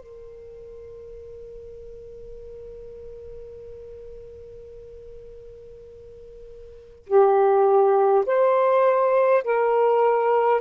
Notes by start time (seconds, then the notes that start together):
0.00 A#4
7.07 G4
8.26 C5
9.44 A#4